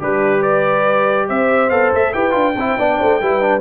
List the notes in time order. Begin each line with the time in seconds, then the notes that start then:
0.00 G3 D4 G4 B4
0.41 B4 D5
1.29 C4 C5 E5
1.70 B3 A4 F5
1.93 A3 E5
2.14 E4 G4 B4 G5
2.31 D4 F4
2.57 C4 E4 C5
2.78 B3 D4 D5
3.00 A3 C5
3.22 G3 E4 B4
3.41 D4